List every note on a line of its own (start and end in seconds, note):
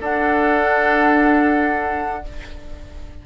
0.00 2.22 D4
0.00 2.23 D4
0.00 2.23 A4
0.00 2.25 F#5